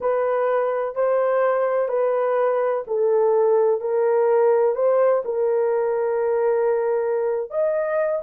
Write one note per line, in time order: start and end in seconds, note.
0.00 0.95 B4
0.95 1.88 C5
1.88 2.83 B4
2.87 3.80 A4
3.80 4.75 A#4
4.75 5.22 C5
5.24 7.50 A#4
7.50 8.22 D#5